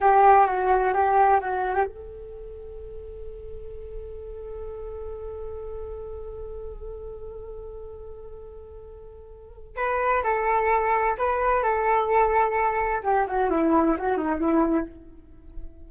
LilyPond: \new Staff \with { instrumentName = "flute" } { \time 4/4 \tempo 4 = 129 g'4 fis'4 g'4 fis'8. g'16 | a'1~ | a'1~ | a'1~ |
a'1~ | a'4 b'4 a'2 | b'4 a'2. | g'8 fis'8 e'4 fis'8 dis'8 e'4 | }